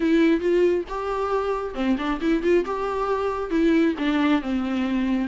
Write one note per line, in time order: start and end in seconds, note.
0.00 0.40 E4
0.40 0.84 F4
0.88 1.74 G4
1.74 1.96 C4
1.98 2.20 D4
2.20 2.42 E4
2.42 2.65 F4
2.65 3.50 G4
3.50 3.94 E4
3.98 4.41 D4
4.41 5.28 C4